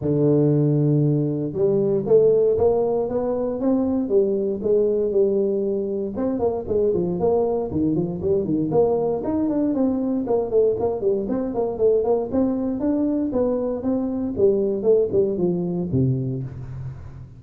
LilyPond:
\new Staff \with { instrumentName = "tuba" } { \time 4/4 \tempo 4 = 117 d2. g4 | a4 ais4 b4 c'4 | g4 gis4 g2 | c'8 ais8 gis8 f8 ais4 dis8 f8 |
g8 dis8 ais4 dis'8 d'8 c'4 | ais8 a8 ais8 g8 c'8 ais8 a8 ais8 | c'4 d'4 b4 c'4 | g4 a8 g8 f4 c4 | }